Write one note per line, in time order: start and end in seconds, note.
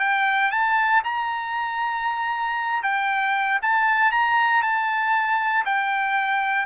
0.00 0.51 G5
0.51 1.03 A5
1.04 2.83 A#5
2.83 3.60 G5
3.62 4.12 A5
4.12 4.62 A#5
4.62 5.65 A5
5.65 6.66 G5